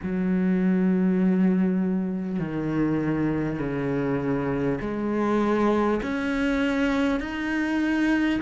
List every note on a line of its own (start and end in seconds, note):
0.02 2.39 F#3
2.39 3.59 D#3
3.59 4.79 C#3
4.80 6.00 G#3
6.02 7.20 C#4
7.20 8.40 D#4